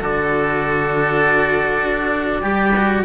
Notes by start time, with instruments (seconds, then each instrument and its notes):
0.00 cello D3 F#4, oboe A4, trumpet D5
1.82 cello D4
2.41 cello G3 G4, oboe G4
2.76 cello F#4